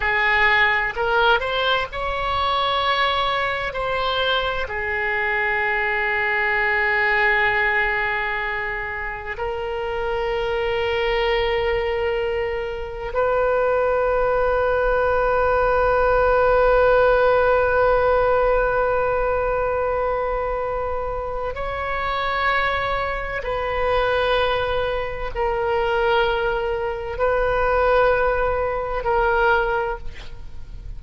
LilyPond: \new Staff \with { instrumentName = "oboe" } { \time 4/4 \tempo 4 = 64 gis'4 ais'8 c''8 cis''2 | c''4 gis'2.~ | gis'2 ais'2~ | ais'2 b'2~ |
b'1~ | b'2. cis''4~ | cis''4 b'2 ais'4~ | ais'4 b'2 ais'4 | }